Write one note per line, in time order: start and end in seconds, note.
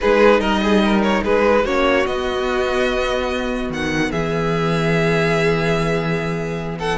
0.00 0.39 G#3
0.00 1.65 D#4
0.00 0.40 G#4
0.00 0.40 B4
0.39 1.21 G3
0.39 0.60 A#4
0.39 1.02 D#5
0.62 0.83 G#4
0.84 1.23 A#4
1.02 1.23 C#5
1.23 1.64 G#3
1.23 1.64 G#4
1.23 1.65 B4
1.64 2.05 A#3
1.64 2.05 C#4
1.64 4.09 F#4
1.64 2.06 C#5
2.05 6.98 B3
2.05 3.69 B3
2.05 3.70 D#5
3.69 4.10 D#3
3.69 4.11 F#5
4.09 6.98 E3
4.09 6.76 G#4
4.09 6.78 E5
6.79 6.98 A4
6.79 6.98 F#5